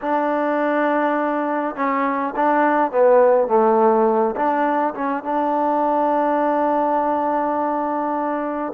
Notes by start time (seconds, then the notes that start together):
0.01 D4
1.75 C#4
2.36 D4
2.91 B3
3.47 A3
4.35 D4
4.94 C#4
5.23 D4